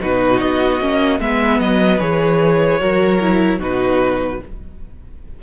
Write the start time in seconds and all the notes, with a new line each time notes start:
0.00 B2 D#4 F#4 B4
0.40 B3 D#5
0.81 A#3 C#4
1.20 G#3 B3 B4 E5
1.60 F#3 D#5
2.00 E3 G#4 C#5
2.80 F#3 F#4 A#4
3.21 E4
3.59 B2 D#4 F#4 B4